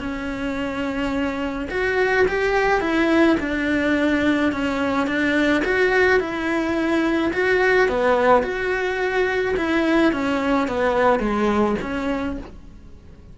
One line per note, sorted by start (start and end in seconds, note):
0.00 1.68 C#4
1.70 2.26 F#4
2.28 2.81 G4
2.81 3.37 E4
3.40 4.52 D4
4.52 5.07 C#4
5.07 5.63 D4
5.65 6.20 F#4
6.20 7.32 E4
7.33 7.89 F#4
7.89 8.43 B3
8.43 9.55 F#4
9.57 10.13 E4
10.13 10.68 C#4
10.68 11.19 B3
11.19 11.76 G#3
11.82 12.38 C#4